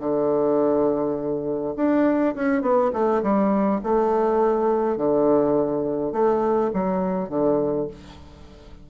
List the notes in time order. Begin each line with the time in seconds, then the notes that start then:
0.00 D3
1.77 D4
2.35 C#4
2.62 B3
2.93 A3
3.23 G3
3.84 A3
4.98 D3
6.13 A3
6.74 F#3
7.30 D3